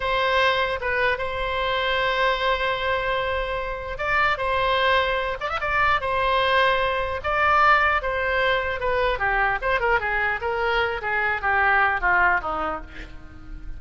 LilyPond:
\new Staff \with { instrumentName = "oboe" } { \time 4/4 \tempo 4 = 150 c''2 b'4 c''4~ | c''1~ | c''2 d''4 c''4~ | c''4. d''16 e''16 d''4 c''4~ |
c''2 d''2 | c''2 b'4 g'4 | c''8 ais'8 gis'4 ais'4. gis'8~ | gis'8 g'4. f'4 dis'4 | }